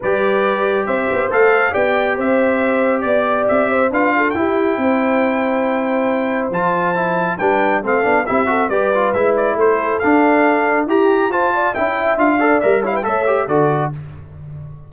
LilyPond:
<<
  \new Staff \with { instrumentName = "trumpet" } { \time 4/4 \tempo 4 = 138 d''2 e''4 f''4 | g''4 e''2 d''4 | e''4 f''4 g''2~ | g''2. a''4~ |
a''4 g''4 f''4 e''4 | d''4 e''8 d''8 c''4 f''4~ | f''4 ais''4 a''4 g''4 | f''4 e''8 f''16 g''16 e''4 d''4 | }
  \new Staff \with { instrumentName = "horn" } { \time 4/4 b'2 c''2 | d''4 c''2 d''4~ | d''8 c''8 b'8 a'8 g'4 c''4~ | c''1~ |
c''4 b'4 a'4 g'8 a'8 | b'2 a'2~ | a'4 g'4 c''8 d''8 e''4~ | e''8 d''4 cis''16 b'16 cis''4 a'4 | }
  \new Staff \with { instrumentName = "trombone" } { \time 4/4 g'2. a'4 | g'1~ | g'4 f'4 e'2~ | e'2. f'4 |
e'4 d'4 c'8 d'8 e'8 fis'8 | g'8 f'8 e'2 d'4~ | d'4 g'4 f'4 e'4 | f'8 a'8 ais'8 e'8 a'8 g'8 fis'4 | }
  \new Staff \with { instrumentName = "tuba" } { \time 4/4 g2 c'8 b8 a4 | b4 c'2 b4 | c'4 d'4 e'4 c'4~ | c'2. f4~ |
f4 g4 a8 b8 c'4 | g4 gis4 a4 d'4~ | d'4 e'4 f'4 cis'4 | d'4 g4 a4 d4 | }
>>